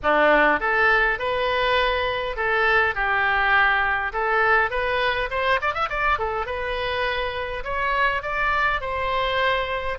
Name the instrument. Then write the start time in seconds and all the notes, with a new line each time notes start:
oboe
0.02 D4
0.60 A4
1.18 B4
2.36 A4
2.94 G4
4.12 A4
4.70 B4
5.30 C5
5.61 D5
5.74 E5
5.89 D5
6.18 A4
6.45 B4
7.64 C#5
8.22 D5
8.80 C5